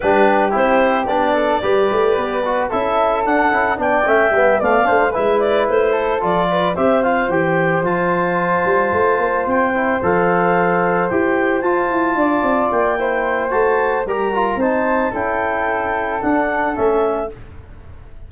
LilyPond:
<<
  \new Staff \with { instrumentName = "clarinet" } { \time 4/4 \tempo 4 = 111 b'4 c''4 d''2~ | d''4 e''4 fis''4 g''4~ | g''8 f''4 e''8 d''8 c''4 d''8~ | d''8 e''8 f''8 g''4 a''4.~ |
a''4. g''4 f''4.~ | f''8 g''4 a''2 g''8~ | g''4 a''4 ais''4 a''4 | g''2 fis''4 e''4 | }
  \new Staff \with { instrumentName = "flute" } { \time 4/4 g'2~ g'8 a'8 b'4~ | b'4 a'2 d''8 e''8~ | e''8 d''8 c''8 b'4. a'4 | b'8 c''2.~ c''8~ |
c''1~ | c''2~ c''8 d''4. | c''2 ais'4 c''4 | a'1 | }
  \new Staff \with { instrumentName = "trombone" } { \time 4/4 d'4 e'4 d'4 g'4~ | g'8 fis'8 e'4 d'8 e'8 d'8 cis'8 | b8 a8 d'8 e'2 f'8~ | f'8 g'8 f'8 g'4 f'4.~ |
f'2 e'8 a'4.~ | a'8 g'4 f'2~ f'8 | e'4 fis'4 g'8 f'8 dis'4 | e'2 d'4 cis'4 | }
  \new Staff \with { instrumentName = "tuba" } { \time 4/4 g4 c'4 b4 g8 a8 | b4 cis'4 d'8 cis'8 b8 a8 | g8 b8 a8 gis4 a4 f8~ | f8 c'4 e4 f4. |
g8 a8 ais8 c'4 f4.~ | f8 e'4 f'8 e'8 d'8 c'8 ais8~ | ais4 a4 g4 c'4 | cis'2 d'4 a4 | }
>>